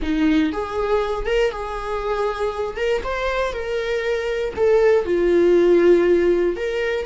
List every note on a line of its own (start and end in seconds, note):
0.01 0.52 D#4
0.52 1.26 G#4
1.26 1.51 A#4
1.51 2.76 G#4
2.76 3.02 A#4
3.03 3.52 C5
3.52 4.53 A#4
4.56 5.05 A4
5.05 6.56 F4
6.56 7.06 A#4